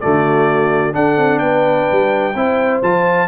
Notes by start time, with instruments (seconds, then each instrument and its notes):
0.00 tuba D3, trombone A3, horn F#4, trumpet D5
0.93 trombone D4, tuba D4, horn A4, trumpet F#5
1.17 tuba C4
1.39 tuba B3, horn B4, trumpet G5
1.91 tuba G3
2.34 tuba C4, trombone E4, horn C5
2.82 tuba F3, trombone F4, trumpet A5